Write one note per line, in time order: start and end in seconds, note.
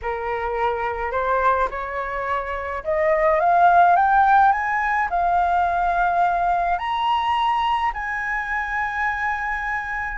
0.02 1.11 A#4
1.11 1.68 C5
1.70 2.83 C#5
2.84 3.40 D#5
3.40 3.96 F5
3.96 4.52 G5
4.52 5.08 G#5
5.10 6.78 F5
6.78 7.91 A#5
7.93 10.17 G#5